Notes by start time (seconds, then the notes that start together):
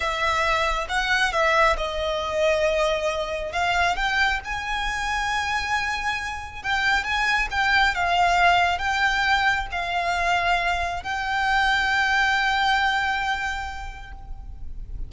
0.00 E5
0.88 F#5
1.32 E5
1.77 D#5
3.52 F5
3.96 G5
4.44 G#5
6.62 G5
7.04 G#5
7.50 G5
7.95 F5
8.78 G5
9.71 F5
11.03 G5